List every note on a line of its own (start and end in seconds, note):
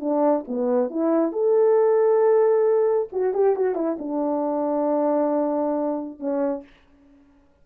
0.00 0.44 D4
0.47 0.90 B3
0.90 1.32 E4
1.32 3.08 A4
3.12 3.33 F#4
3.33 3.55 G4
3.55 3.75 F#4
3.75 3.97 E4
3.98 6.19 D4
6.19 6.63 C#4